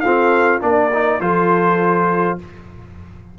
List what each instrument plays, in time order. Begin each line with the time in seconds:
0.00 trombone C4, tuba F4, horn A4, trumpet F5
0.60 tuba A#3, trombone D4, horn A#4, trumpet D5
0.93 trombone D#4
1.20 tuba F3, trombone F4, horn A4, trumpet C5